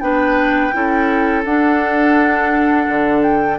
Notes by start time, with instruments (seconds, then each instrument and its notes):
0.00 bassoon B3, clarinet D4, oboe B4, flute G5
0.72 bassoon C#4, clarinet E4, oboe A4
1.45 bassoon D4, clarinet D4, flute F#5
2.89 bassoon D3
3.23 flute G5